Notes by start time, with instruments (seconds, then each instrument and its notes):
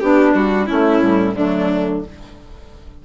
0.00 bassoon B3, clarinet D4, saxophone D4, violin G4
0.34 bassoon G3, violin F#4
0.66 clarinet A3, bassoon A3, saxophone C#4, violin E4
1.00 bassoon A2, clarinet G3
1.34 bassoon D3, clarinet F#3, saxophone A3, violin D4